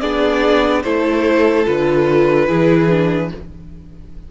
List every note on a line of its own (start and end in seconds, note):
0.00 0.84 B3
0.00 0.83 D4
0.00 0.82 G#4
0.00 0.82 D5
0.83 1.66 A3
0.83 1.65 E4
0.83 2.47 A4
0.83 1.65 C5
1.65 2.49 D3
1.65 2.47 F4
1.65 3.30 B4
2.47 3.31 E3
2.47 2.88 E4
2.47 3.29 G#4
2.89 3.30 D4